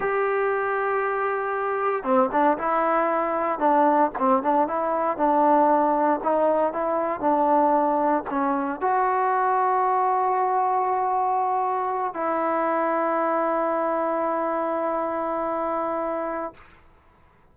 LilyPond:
\new Staff \with { instrumentName = "trombone" } { \time 4/4 \tempo 4 = 116 g'1 | c'8 d'8 e'2 d'4 | c'8 d'8 e'4 d'2 | dis'4 e'4 d'2 |
cis'4 fis'2.~ | fis'2.~ fis'8 e'8~ | e'1~ | e'1 | }